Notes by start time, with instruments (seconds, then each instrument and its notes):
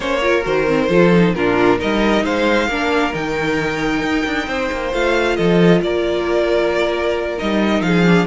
0.00 cello A#3, viola C#4, violin C5 C#5
0.21 viola F4, violin A#4
0.43 cello D#3, viola F#4, violin C5
0.67 viola C4
0.89 cello F3, viola F4, violin A4
1.13 viola D#4
1.34 cello A#2, viola D4, violin F4 A#4
1.78 cello G3, viola D#4, violin A#4 D#5
2.24 cello G#3, violin C5 F5
2.67 cello A#3, viola D4, violin A#4
3.12 cello D#3, viola D#4, violin G5
4.02 cello D#4
4.25 cello D4
4.46 cello C4, violin C5
4.72 cello A#3
4.93 cello A3, viola F4, violin F5
5.36 cello F3, violin A4 D#5
5.81 cello A#3, violin A#4 D5
7.38 cello G3, viola D#4, violin D#5
7.80 cello F3, violin G#4 F5
8.06 viola D4